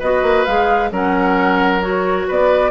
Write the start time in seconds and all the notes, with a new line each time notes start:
0.00 B3 F#4 B4 D#5
0.23 A#3
0.45 G#3 G#4 F5
0.91 F#3 C#4 A#4 F#5
1.81 F#4 C#5
2.28 B3 B4 D5